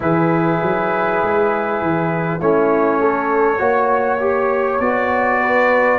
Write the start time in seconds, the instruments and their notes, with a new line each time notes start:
0.00 tuba E3, trombone E4, horn G#4, trumpet B4
0.62 tuba F#3
1.22 tuba G#3
1.81 tuba E3
2.40 tuba A3, trombone C#4, horn E4, trumpet C#5
3.00 horn A4
3.58 tuba A#3, trombone F#4, horn C#5
4.20 trombone G4
4.79 tuba B3, trombone F#4, trumpet D5
5.41 horn B4